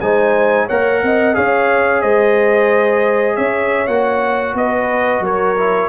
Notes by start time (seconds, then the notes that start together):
0.00 G#3 D#4 C5 G#5
0.66 A#3 A#4 C#5 F#5
1.03 C4 D#5
1.34 C#4 G#4 C#5 F5
2.01 G#3 C5 D#5
3.35 C#4 C#5 E5
3.87 A#3 F#4 F#5
4.54 B3 B4 D#5
5.20 F#3 A#4 C#5
5.57 E4